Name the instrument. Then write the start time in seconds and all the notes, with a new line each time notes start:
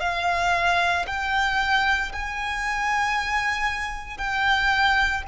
violin
0.00 F5
1.07 G5
2.12 G#5
4.18 G5